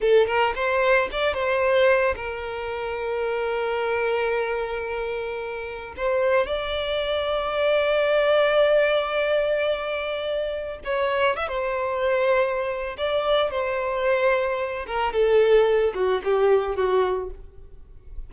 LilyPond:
\new Staff \with { instrumentName = "violin" } { \time 4/4 \tempo 4 = 111 a'8 ais'8 c''4 d''8 c''4. | ais'1~ | ais'2. c''4 | d''1~ |
d''1 | cis''4 e''16 c''2~ c''8. | d''4 c''2~ c''8 ais'8 | a'4. fis'8 g'4 fis'4 | }